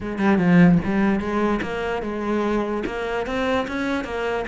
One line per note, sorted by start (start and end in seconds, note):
0.01 0.18 G#3
0.18 0.37 G3
0.37 0.78 F3
0.84 1.20 G3
1.20 1.60 G#3
1.62 2.02 A#3
2.02 2.83 G#3
2.86 3.26 A#3
3.26 3.66 C4
3.67 4.04 C#4
4.04 4.44 A#3